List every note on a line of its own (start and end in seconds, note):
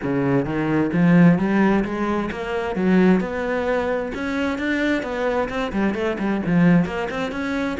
0.02 0.45 C#3
0.45 0.90 D#3
0.93 1.38 F3
1.38 1.84 G3
1.84 2.30 G#3
2.31 2.75 A#3
2.75 3.20 F#3
3.20 4.12 B3
4.14 4.58 C#4
4.58 5.03 D4
5.03 5.48 B3
5.49 5.72 C4
5.72 5.94 G3
5.94 6.17 A3
6.18 6.41 G3
6.46 6.85 F3
6.85 7.08 A#3
7.10 7.31 C4
7.31 7.77 C#4